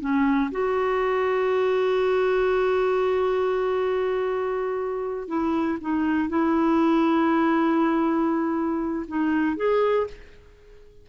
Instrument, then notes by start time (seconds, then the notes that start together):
clarinet
0.00 C#4
0.51 F#4
5.28 E4
5.81 D#4
6.29 E4
9.08 D#4
9.56 G#4